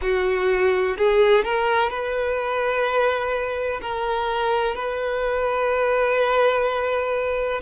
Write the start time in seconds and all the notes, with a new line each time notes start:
0.01 F#4
0.97 G#4
1.44 A#4
1.90 B4
3.81 A#4
4.75 B4